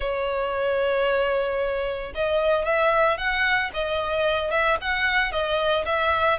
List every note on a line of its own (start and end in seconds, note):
0.00 2.12 C#5
2.14 2.65 D#5
2.65 3.17 E5
3.17 3.70 F#5
3.73 4.50 D#5
4.50 4.77 E5
4.81 5.31 F#5
5.31 5.85 D#5
5.85 6.38 E5